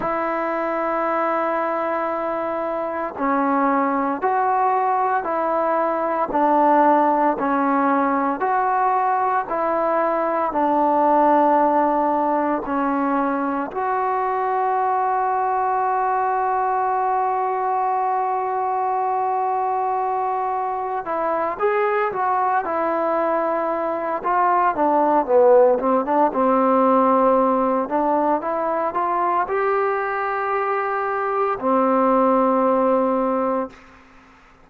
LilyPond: \new Staff \with { instrumentName = "trombone" } { \time 4/4 \tempo 4 = 57 e'2. cis'4 | fis'4 e'4 d'4 cis'4 | fis'4 e'4 d'2 | cis'4 fis'2.~ |
fis'1 | e'8 gis'8 fis'8 e'4. f'8 d'8 | b8 c'16 d'16 c'4. d'8 e'8 f'8 | g'2 c'2 | }